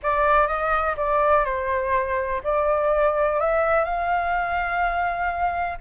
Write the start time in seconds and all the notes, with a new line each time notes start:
0.02 D5
0.47 D#5
0.96 D5
1.45 C5
2.43 D5
3.39 E5
3.84 F5